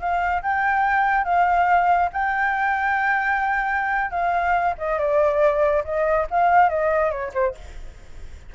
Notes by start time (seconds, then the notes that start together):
0.00 F5
0.43 G5
1.25 F5
2.13 G5
4.11 F5
4.78 D#5
4.99 D5
5.85 D#5
6.31 F5
6.70 D#5
7.11 C#5
7.34 C5